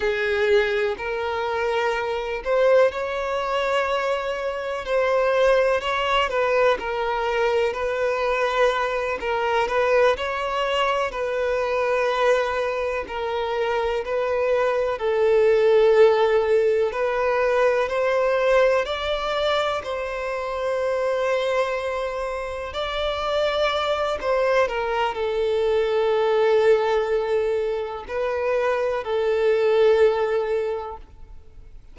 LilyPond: \new Staff \with { instrumentName = "violin" } { \time 4/4 \tempo 4 = 62 gis'4 ais'4. c''8 cis''4~ | cis''4 c''4 cis''8 b'8 ais'4 | b'4. ais'8 b'8 cis''4 b'8~ | b'4. ais'4 b'4 a'8~ |
a'4. b'4 c''4 d''8~ | d''8 c''2. d''8~ | d''4 c''8 ais'8 a'2~ | a'4 b'4 a'2 | }